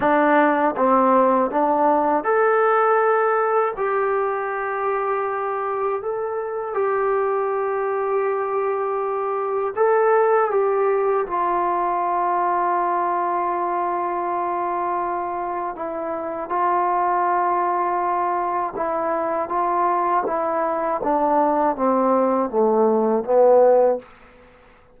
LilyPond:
\new Staff \with { instrumentName = "trombone" } { \time 4/4 \tempo 4 = 80 d'4 c'4 d'4 a'4~ | a'4 g'2. | a'4 g'2.~ | g'4 a'4 g'4 f'4~ |
f'1~ | f'4 e'4 f'2~ | f'4 e'4 f'4 e'4 | d'4 c'4 a4 b4 | }